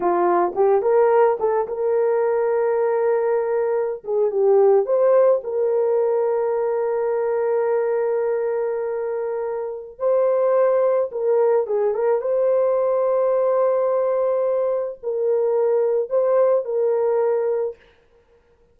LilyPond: \new Staff \with { instrumentName = "horn" } { \time 4/4 \tempo 4 = 108 f'4 g'8 ais'4 a'8 ais'4~ | ais'2.~ ais'16 gis'8 g'16~ | g'8. c''4 ais'2~ ais'16~ | ais'1~ |
ais'2 c''2 | ais'4 gis'8 ais'8 c''2~ | c''2. ais'4~ | ais'4 c''4 ais'2 | }